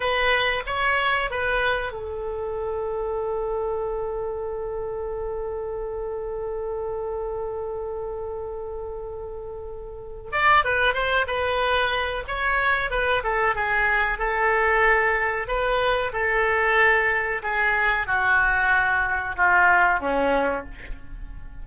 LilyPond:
\new Staff \with { instrumentName = "oboe" } { \time 4/4 \tempo 4 = 93 b'4 cis''4 b'4 a'4~ | a'1~ | a'1~ | a'1 |
d''8 b'8 c''8 b'4. cis''4 | b'8 a'8 gis'4 a'2 | b'4 a'2 gis'4 | fis'2 f'4 cis'4 | }